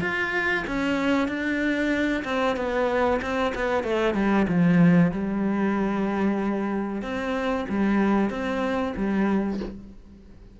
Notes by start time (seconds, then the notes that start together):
0.00 F4
0.67 C#4
1.28 D4
2.24 C4
2.56 B3
3.21 C4
3.55 B3
3.83 A3
4.14 G3
4.48 F3
5.11 G3
7.02 C4
7.68 G3
8.29 C4
8.96 G3